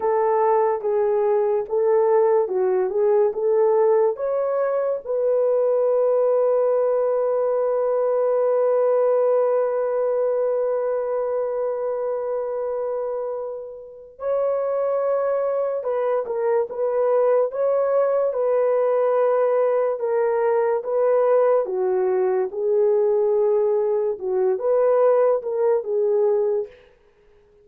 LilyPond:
\new Staff \with { instrumentName = "horn" } { \time 4/4 \tempo 4 = 72 a'4 gis'4 a'4 fis'8 gis'8 | a'4 cis''4 b'2~ | b'1~ | b'1~ |
b'4 cis''2 b'8 ais'8 | b'4 cis''4 b'2 | ais'4 b'4 fis'4 gis'4~ | gis'4 fis'8 b'4 ais'8 gis'4 | }